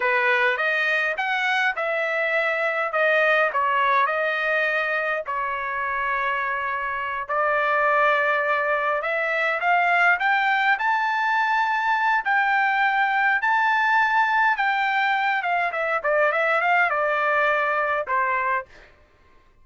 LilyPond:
\new Staff \with { instrumentName = "trumpet" } { \time 4/4 \tempo 4 = 103 b'4 dis''4 fis''4 e''4~ | e''4 dis''4 cis''4 dis''4~ | dis''4 cis''2.~ | cis''8 d''2. e''8~ |
e''8 f''4 g''4 a''4.~ | a''4 g''2 a''4~ | a''4 g''4. f''8 e''8 d''8 | e''8 f''8 d''2 c''4 | }